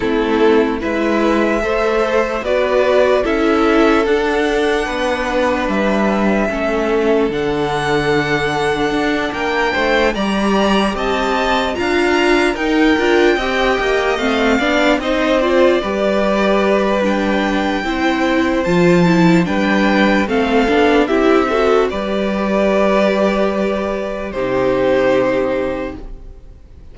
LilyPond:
<<
  \new Staff \with { instrumentName = "violin" } { \time 4/4 \tempo 4 = 74 a'4 e''2 d''4 | e''4 fis''2 e''4~ | e''4 fis''2~ fis''8 g''8~ | g''8 ais''4 a''4 ais''4 g''8~ |
g''4. f''4 dis''8 d''4~ | d''4 g''2 a''4 | g''4 f''4 e''4 d''4~ | d''2 c''2 | }
  \new Staff \with { instrumentName = "violin" } { \time 4/4 e'4 b'4 c''4 b'4 | a'2 b'2 | a'2.~ a'8 ais'8 | c''8 d''4 dis''4 f''4 ais'8~ |
ais'8 dis''4. d''8 c''4 b'8~ | b'2 c''2 | b'4 a'4 g'8 a'8 b'4~ | b'2 g'2 | }
  \new Staff \with { instrumentName = "viola" } { \time 4/4 c'4 e'4 a'4 fis'4 | e'4 d'2. | cis'4 d'2.~ | d'8 g'2 f'4 dis'8 |
f'8 g'4 c'8 d'8 dis'8 f'8 g'8~ | g'4 d'4 e'4 f'8 e'8 | d'4 c'8 d'8 e'8 fis'8 g'4~ | g'2 dis'2 | }
  \new Staff \with { instrumentName = "cello" } { \time 4/4 a4 gis4 a4 b4 | cis'4 d'4 b4 g4 | a4 d2 d'8 ais8 | a8 g4 c'4 d'4 dis'8 |
d'8 c'8 ais8 a8 b8 c'4 g8~ | g2 c'4 f4 | g4 a8 b8 c'4 g4~ | g2 c2 | }
>>